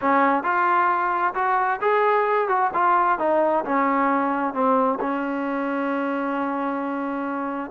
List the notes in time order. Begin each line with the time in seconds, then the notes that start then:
0.01 C#4
0.43 F4
1.34 F#4
1.81 G#4
2.48 F#4
2.73 F4
3.19 D#4
3.64 C#4
4.53 C4
5.00 C#4